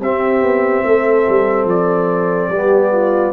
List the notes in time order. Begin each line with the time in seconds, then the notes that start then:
0.00 C4 G4 E5
0.41 B3
0.84 A3 A4
1.29 G3
1.64 F3 D5
2.49 G3 B3 G4
2.91 F4